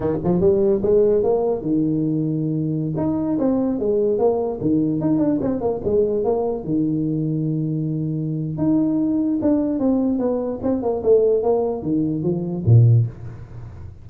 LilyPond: \new Staff \with { instrumentName = "tuba" } { \time 4/4 \tempo 4 = 147 dis8 f8 g4 gis4 ais4 | dis2.~ dis16 dis'8.~ | dis'16 c'4 gis4 ais4 dis8.~ | dis16 dis'8 d'8 c'8 ais8 gis4 ais8.~ |
ais16 dis2.~ dis8.~ | dis4 dis'2 d'4 | c'4 b4 c'8 ais8 a4 | ais4 dis4 f4 ais,4 | }